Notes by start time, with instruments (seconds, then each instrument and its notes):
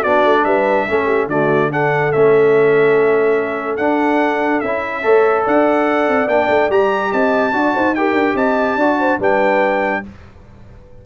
0.00 tuba B3, trombone D4, horn F#4, trumpet D5
0.24 tuba A3
0.44 tuba G3, horn B4, trumpet E5
0.88 tuba A3, trombone C#4, horn A4
1.06 horn G4
1.27 tuba D3, trombone A3, horn F#4, trumpet D5
1.71 trombone D4, horn A4, trumpet F#5
2.12 tuba A3, trombone C#4, trumpet E5
3.77 tuba D4, trombone D4, trumpet F#5
4.60 tuba C#4, trombone E4, trumpet E5
5.03 tuba A3, trombone A4, horn C#5
5.44 tuba D4, horn D5, trumpet F#5
6.08 tuba C4
6.27 tuba A#3, trombone D4, trumpet G5
6.49 tuba A3
6.69 tuba G3, trombone G4, trumpet A#5
7.12 tuba C4, horn D#5, trumpet A5
7.53 tuba D4, trombone F#4, horn D5
7.75 tuba D#4, horn C5
7.95 trombone G4, horn A#4, trumpet G5
8.13 tuba D4
8.35 tuba C4, horn D#5, trumpet A5
8.76 tuba D4, trombone F#4, horn D5
8.99 horn C5
9.19 tuba G3, trombone D4, horn B4, trumpet G5